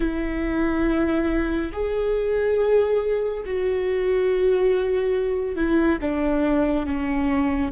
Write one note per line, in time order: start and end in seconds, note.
0.00 1.71 E4
1.72 3.43 G#4
3.45 5.55 F#4
5.55 5.98 E4
6.01 6.86 D4
6.86 7.71 C#4